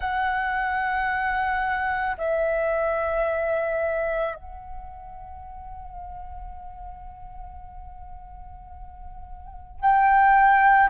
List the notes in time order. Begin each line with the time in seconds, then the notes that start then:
0.00 F#5
2.17 E5
4.35 F#5
9.80 G5